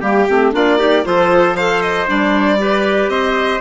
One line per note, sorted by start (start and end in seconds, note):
0.00 0.27 G3
0.00 0.27 A#3
0.00 0.51 G4
0.00 0.52 G4
0.28 0.53 A3
0.28 0.51 C4
0.51 1.04 A#3
0.51 0.77 D4
0.51 0.78 F4
0.51 1.05 D5
0.77 1.02 D#4
0.77 1.04 G4
1.03 2.08 F3
1.03 1.54 F4
1.03 1.56 A4
1.03 1.56 C5
1.56 2.06 A4
1.56 2.59 C5
1.56 1.81 F5
1.81 2.07 D#5
2.06 3.08 G3
2.06 2.57 D4
2.06 3.09 D5
2.57 3.60 G4
2.57 3.11 B4
3.08 3.59 C4
3.08 3.61 C5
3.08 3.60 D#5